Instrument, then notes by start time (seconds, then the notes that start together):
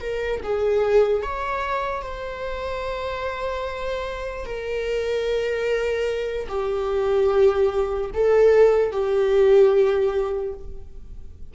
viola
0.00 A#4
0.43 G#4
1.22 C#5
2.02 C5
4.45 A#4
6.48 G4
8.13 A4
8.91 G4